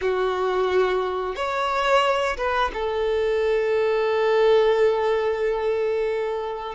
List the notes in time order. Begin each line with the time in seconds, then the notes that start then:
0.01 F#4
1.35 C#5
2.37 B4
2.73 A4